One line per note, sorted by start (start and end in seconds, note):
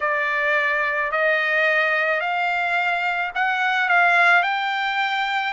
0.00 1.11 D5
1.11 2.20 D#5
2.20 3.31 F5
3.34 3.88 F#5
3.88 4.42 F5
4.42 5.53 G5